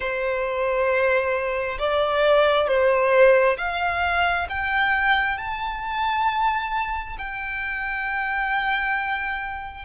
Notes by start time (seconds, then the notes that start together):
0.00 C5
1.78 D5
2.67 C5
3.57 F5
4.49 G5
5.37 A5
7.18 G5